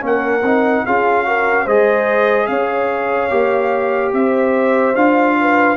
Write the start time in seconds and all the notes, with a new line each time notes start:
0.00 A#3 C#4 A#4 F#5
0.42 C4 D#4
0.85 C#4 F4 G#4 F5
1.25 F#4 A#4
1.64 G#3 G#4 C5 D#5
2.47 C#4 C#5 F5
3.30 A#3 G4
4.13 C4 C5 E5
4.95 D4 F4 F5
5.40 B4